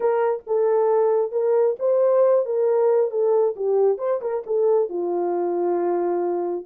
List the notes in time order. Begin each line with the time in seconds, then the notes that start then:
0.00 A#4
0.46 A4
1.31 A#4
1.79 C5
2.45 A#4
3.11 A4
3.56 G4
3.98 C5
4.21 A#4
4.46 A4
4.89 F4